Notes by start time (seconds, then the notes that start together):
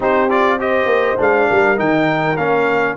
0.00 C4 D#4 G4 C5
0.29 F4 D5
0.59 G4 C5 D#5
0.85 A#3
1.18 G#3 D4 F5
1.48 G3 A#4
1.76 D#3 D#4 G5
2.37 A#3 C#4 F5